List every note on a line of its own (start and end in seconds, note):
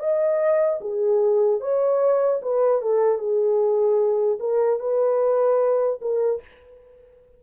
0.00 0.80 D#5
0.81 1.61 G#4
1.61 2.41 C#5
2.43 2.82 B4
2.82 3.19 A4
3.19 4.39 G#4
4.40 4.80 A#4
4.80 6.00 B4
6.01 6.41 A#4